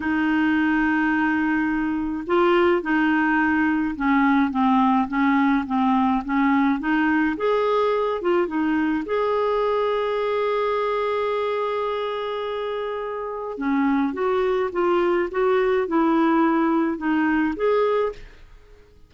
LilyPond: \new Staff \with { instrumentName = "clarinet" } { \time 4/4 \tempo 4 = 106 dis'1 | f'4 dis'2 cis'4 | c'4 cis'4 c'4 cis'4 | dis'4 gis'4. f'8 dis'4 |
gis'1~ | gis'1 | cis'4 fis'4 f'4 fis'4 | e'2 dis'4 gis'4 | }